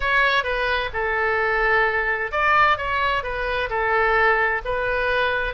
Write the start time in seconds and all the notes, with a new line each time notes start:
0.00 C#5
0.43 B4
0.93 A4
2.31 D5
2.77 C#5
3.23 B4
3.69 A4
4.64 B4